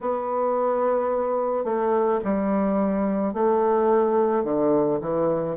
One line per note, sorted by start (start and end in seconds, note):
0.01 1.64 B3
1.64 2.20 A3
2.24 3.33 G3
3.33 4.44 A3
4.44 4.99 D3
5.01 5.56 E3